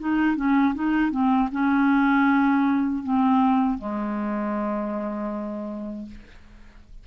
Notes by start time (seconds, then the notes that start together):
0.00 D#4
0.37 C#4
0.75 D#4
1.12 C4
1.53 C#4
3.04 C4
3.78 G#3